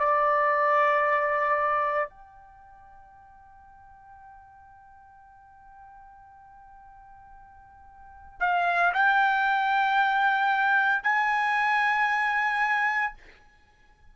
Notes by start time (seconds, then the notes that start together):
0.00 D5
2.10 G5
8.41 F5
8.94 G5
11.04 G#5